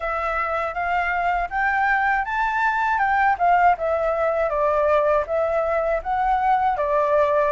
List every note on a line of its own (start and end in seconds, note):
0.00 0.74 E5
0.74 1.49 F5
1.50 2.24 G5
2.24 2.98 A5
2.98 3.36 G5
3.38 3.76 F5
3.77 4.49 E5
4.49 5.24 D5
5.26 6.01 E5
6.02 6.77 F#5
6.77 7.52 D5